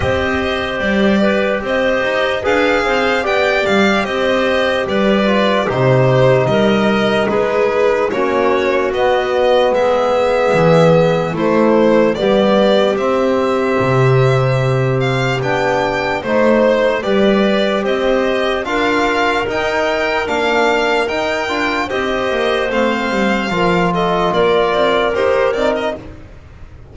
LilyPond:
<<
  \new Staff \with { instrumentName = "violin" } { \time 4/4 \tempo 4 = 74 dis''4 d''4 dis''4 f''4 | g''8 f''8 dis''4 d''4 c''4 | dis''4 b'4 cis''4 dis''4 | e''2 c''4 d''4 |
e''2~ e''8 f''8 g''4 | c''4 d''4 dis''4 f''4 | g''4 f''4 g''4 dis''4 | f''4. dis''8 d''4 c''8 d''16 dis''16 | }
  \new Staff \with { instrumentName = "clarinet" } { \time 4/4 c''4. b'8 c''4 b'8 c''8 | d''4 c''4 b'4 g'4 | ais'4 gis'4 fis'2 | gis'2 e'4 g'4~ |
g'1 | c''4 b'4 c''4 ais'4~ | ais'2. c''4~ | c''4 ais'8 a'8 ais'2 | }
  \new Staff \with { instrumentName = "trombone" } { \time 4/4 g'2. gis'4 | g'2~ g'8 f'8 dis'4~ | dis'2 cis'4 b4~ | b2 a4 b4 |
c'2. d'4 | dis'4 g'2 f'4 | dis'4 d'4 dis'8 f'8 g'4 | c'4 f'2 g'8 dis'8 | }
  \new Staff \with { instrumentName = "double bass" } { \time 4/4 c'4 g4 c'8 dis'8 d'8 c'8 | b8 g8 c'4 g4 c4 | g4 gis4 ais4 b4 | gis4 e4 a4 g4 |
c'4 c2 b4 | a4 g4 c'4 d'4 | dis'4 ais4 dis'8 d'8 c'8 ais8 | a8 g8 f4 ais8 c'8 dis'8 c'8 | }
>>